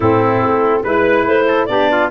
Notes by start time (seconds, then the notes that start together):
0.00 A2 C4 E4 A4
0.41 A3
0.83 G#3 E4 B4
1.26 A3 C5
1.47 A4
1.65 B3 D4 G4 D5
1.91 F4